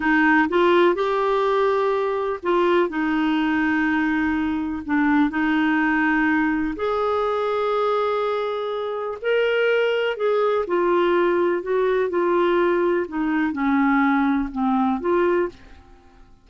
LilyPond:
\new Staff \with { instrumentName = "clarinet" } { \time 4/4 \tempo 4 = 124 dis'4 f'4 g'2~ | g'4 f'4 dis'2~ | dis'2 d'4 dis'4~ | dis'2 gis'2~ |
gis'2. ais'4~ | ais'4 gis'4 f'2 | fis'4 f'2 dis'4 | cis'2 c'4 f'4 | }